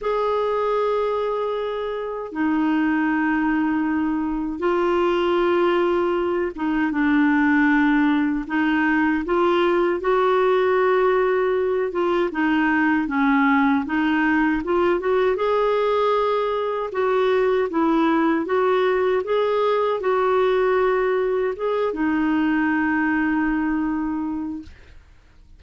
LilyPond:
\new Staff \with { instrumentName = "clarinet" } { \time 4/4 \tempo 4 = 78 gis'2. dis'4~ | dis'2 f'2~ | f'8 dis'8 d'2 dis'4 | f'4 fis'2~ fis'8 f'8 |
dis'4 cis'4 dis'4 f'8 fis'8 | gis'2 fis'4 e'4 | fis'4 gis'4 fis'2 | gis'8 dis'2.~ dis'8 | }